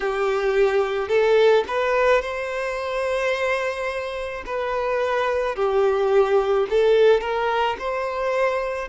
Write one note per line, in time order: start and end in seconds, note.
0.00 1.08 G4
1.08 1.64 A4
1.67 2.21 B4
2.21 4.43 C5
4.45 5.55 B4
5.55 6.66 G4
6.70 7.20 A4
7.20 7.76 A#4
7.78 8.88 C5